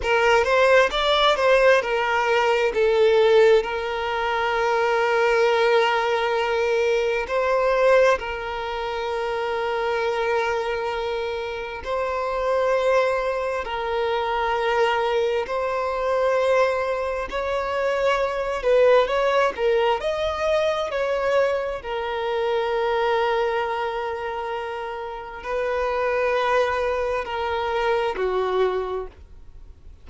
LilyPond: \new Staff \with { instrumentName = "violin" } { \time 4/4 \tempo 4 = 66 ais'8 c''8 d''8 c''8 ais'4 a'4 | ais'1 | c''4 ais'2.~ | ais'4 c''2 ais'4~ |
ais'4 c''2 cis''4~ | cis''8 b'8 cis''8 ais'8 dis''4 cis''4 | ais'1 | b'2 ais'4 fis'4 | }